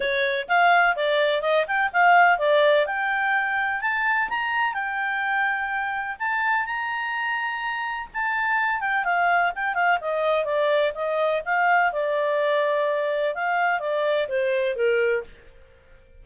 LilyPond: \new Staff \with { instrumentName = "clarinet" } { \time 4/4 \tempo 4 = 126 cis''4 f''4 d''4 dis''8 g''8 | f''4 d''4 g''2 | a''4 ais''4 g''2~ | g''4 a''4 ais''2~ |
ais''4 a''4. g''8 f''4 | g''8 f''8 dis''4 d''4 dis''4 | f''4 d''2. | f''4 d''4 c''4 ais'4 | }